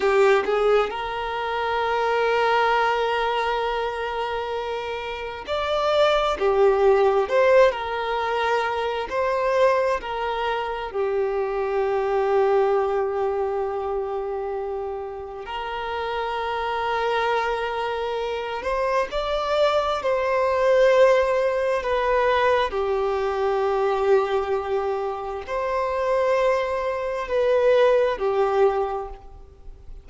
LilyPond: \new Staff \with { instrumentName = "violin" } { \time 4/4 \tempo 4 = 66 g'8 gis'8 ais'2.~ | ais'2 d''4 g'4 | c''8 ais'4. c''4 ais'4 | g'1~ |
g'4 ais'2.~ | ais'8 c''8 d''4 c''2 | b'4 g'2. | c''2 b'4 g'4 | }